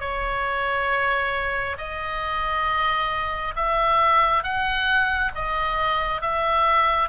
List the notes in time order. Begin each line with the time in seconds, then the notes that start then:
0.00 C#5
1.77 D#5
3.56 E5
4.43 F#5
5.35 D#5
6.21 E5